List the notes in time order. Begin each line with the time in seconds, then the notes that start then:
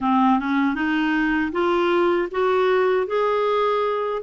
0.00 C4
0.39 C#4
0.74 D#4
1.51 F4
2.31 F#4
3.07 G#4